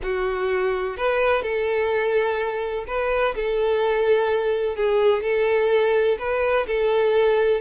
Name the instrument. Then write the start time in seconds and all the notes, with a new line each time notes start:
violin
0.02 F#4
0.97 B4
1.42 A4
2.87 B4
3.35 A4
4.76 G#4
5.23 A4
6.18 B4
6.67 A4